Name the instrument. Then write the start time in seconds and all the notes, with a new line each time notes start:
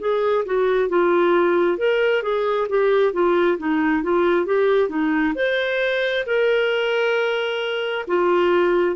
clarinet
0.00 G#4
0.46 F#4
0.89 F4
1.78 A#4
2.23 G#4
2.69 G4
3.13 F4
3.59 D#4
4.03 F4
4.47 G4
4.90 D#4
5.35 C5
6.26 A#4
8.08 F4